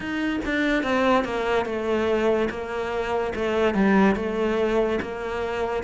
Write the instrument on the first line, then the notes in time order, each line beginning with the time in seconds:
cello
0.00 D#4
0.45 D4
0.83 C4
1.24 A#3
1.65 A3
2.50 A#3
3.35 A3
3.74 G3
4.15 A3
5.02 A#3